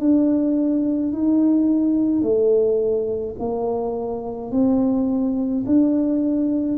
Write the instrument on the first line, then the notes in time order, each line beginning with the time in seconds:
tuba
0.00 D4
1.13 D#4
2.22 A3
3.40 A#3
4.52 C4
5.67 D4